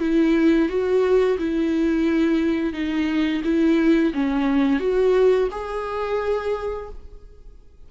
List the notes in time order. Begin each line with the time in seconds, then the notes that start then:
0.00 E4
0.69 F#4
1.39 E4
2.74 D#4
3.44 E4
4.14 C#4
4.80 F#4
5.51 G#4